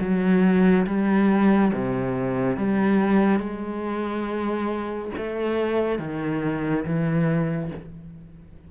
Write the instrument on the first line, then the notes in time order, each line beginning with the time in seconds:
cello
0.00 F#3
0.86 G3
1.73 C3
2.57 G3
3.39 G#3
5.17 A3
5.99 D#3
6.85 E3